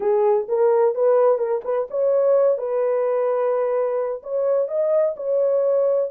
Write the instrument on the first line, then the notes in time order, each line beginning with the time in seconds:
horn
0.00 G#4
0.48 A#4
0.95 B4
1.38 A#4
1.64 B4
1.90 C#5
2.58 B4
4.23 C#5
4.68 D#5
5.16 C#5